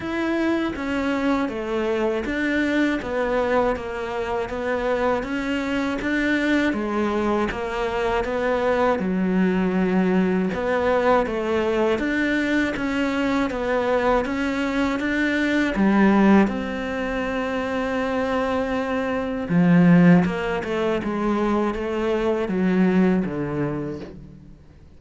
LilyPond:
\new Staff \with { instrumentName = "cello" } { \time 4/4 \tempo 4 = 80 e'4 cis'4 a4 d'4 | b4 ais4 b4 cis'4 | d'4 gis4 ais4 b4 | fis2 b4 a4 |
d'4 cis'4 b4 cis'4 | d'4 g4 c'2~ | c'2 f4 ais8 a8 | gis4 a4 fis4 d4 | }